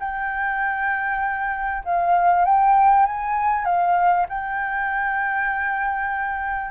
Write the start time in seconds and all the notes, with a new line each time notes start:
0.00 G5
1.85 F5
2.45 G5
3.06 G#5
3.65 F5
4.29 G5